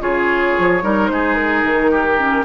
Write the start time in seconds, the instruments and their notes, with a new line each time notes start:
0.00 bassoon C#3, clarinet F4, oboe G#4, flute C#5
0.59 bassoon F3
0.82 bassoon G3, clarinet D#4, oboe A#4
1.08 bassoon G#3, oboe G#4, flute C5
1.35 flute A#4
1.63 bassoon D#3
1.91 oboe G4
2.18 clarinet C#4